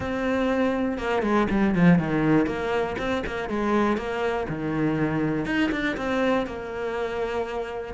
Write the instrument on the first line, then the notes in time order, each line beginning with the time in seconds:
cello
0.00 C4
0.98 A#3
1.22 G#3
1.50 G3
1.74 F3
1.98 D#3
2.46 A#3
2.98 C4
3.26 A#3
3.49 G#3
3.97 A#3
4.48 D#3
5.45 D#4
5.71 D4
5.96 C4
6.46 A#3